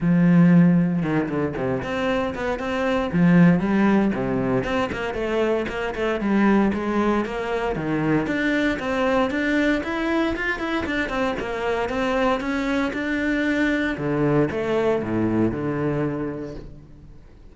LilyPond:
\new Staff \with { instrumentName = "cello" } { \time 4/4 \tempo 4 = 116 f2 dis8 d8 c8 c'8~ | c'8 b8 c'4 f4 g4 | c4 c'8 ais8 a4 ais8 a8 | g4 gis4 ais4 dis4 |
d'4 c'4 d'4 e'4 | f'8 e'8 d'8 c'8 ais4 c'4 | cis'4 d'2 d4 | a4 a,4 d2 | }